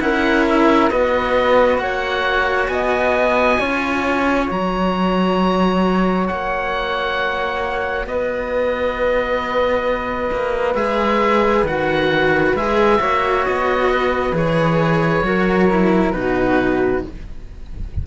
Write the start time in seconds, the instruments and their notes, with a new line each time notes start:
0.00 cello C#4 E4, flute A#4, oboe F#5
0.48 oboe E5
0.90 cello B3 F#4, flute B4, oboe D#5
1.78 cello A#3, flute C#5, oboe F#5
2.68 cello B3, flute D#5, oboe G#5
3.59 cello C#4 F4, flute C#5
4.50 cello F#3 F#4, oboe A#5
6.27 cello A#3, oboe F#5
8.06 cello B3, flute B4, oboe D#5
10.32 cello A#3
10.75 cello G#3 G#4, oboe E5
11.63 cello D#3 F#4, oboe F#5
12.54 cello G#3 G#4, oboe E5
12.99 cello A#3 F#4, flute C#5
13.45 cello B3, oboe D#5
13.92 flute B4
14.32 cello E3 G#4, oboe C#5
15.23 cello F#3 F#4, flute A#4
15.70 cello E4
16.11 cello B2 D#4, flute F#4, oboe B4